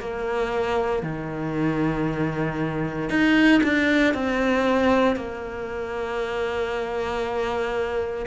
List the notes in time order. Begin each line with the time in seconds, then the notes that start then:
0.00 A#3
1.03 D#3
3.09 D#4
3.63 D4
4.14 C4
5.16 A#3